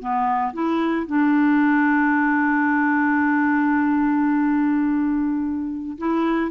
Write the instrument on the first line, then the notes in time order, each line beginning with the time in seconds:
clarinet
0.00 B3
0.53 E4
1.07 D4
5.98 E4